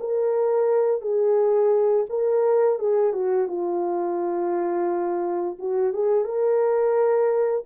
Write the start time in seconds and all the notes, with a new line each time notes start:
0.00 A#4
1.01 G#4
2.10 A#4
2.79 G#4
3.13 F#4
3.48 F4
5.59 F#4
5.94 G#4
6.25 A#4